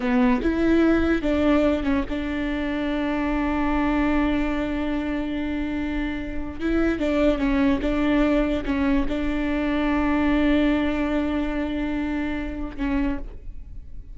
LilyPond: \new Staff \with { instrumentName = "viola" } { \time 4/4 \tempo 4 = 146 b4 e'2 d'4~ | d'8 cis'8 d'2.~ | d'1~ | d'1 |
e'4 d'4 cis'4 d'4~ | d'4 cis'4 d'2~ | d'1~ | d'2. cis'4 | }